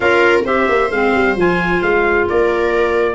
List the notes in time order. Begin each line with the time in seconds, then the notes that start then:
0.00 C#4 F4 A#4 F5
0.44 C4 G4 C5 E5
0.68 A#3
0.90 G#3 C4 F5
1.14 G3
1.36 F3 F4 G#5
1.81 G#3 F5
2.28 A#3 A#4 D5